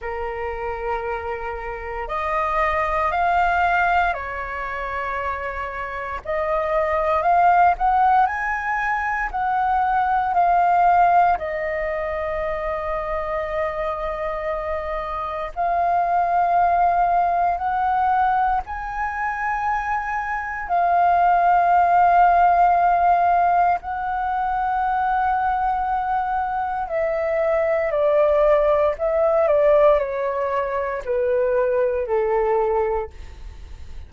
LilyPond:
\new Staff \with { instrumentName = "flute" } { \time 4/4 \tempo 4 = 58 ais'2 dis''4 f''4 | cis''2 dis''4 f''8 fis''8 | gis''4 fis''4 f''4 dis''4~ | dis''2. f''4~ |
f''4 fis''4 gis''2 | f''2. fis''4~ | fis''2 e''4 d''4 | e''8 d''8 cis''4 b'4 a'4 | }